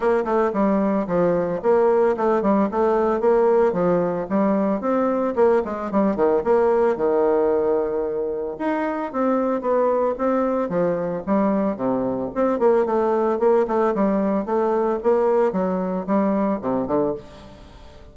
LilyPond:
\new Staff \with { instrumentName = "bassoon" } { \time 4/4 \tempo 4 = 112 ais8 a8 g4 f4 ais4 | a8 g8 a4 ais4 f4 | g4 c'4 ais8 gis8 g8 dis8 | ais4 dis2. |
dis'4 c'4 b4 c'4 | f4 g4 c4 c'8 ais8 | a4 ais8 a8 g4 a4 | ais4 fis4 g4 c8 d8 | }